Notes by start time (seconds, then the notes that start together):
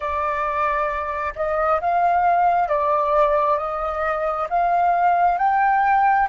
0.00 D5
1.35 D#5
1.80 F5
2.68 D5
3.58 D#5
4.49 F5
5.37 G5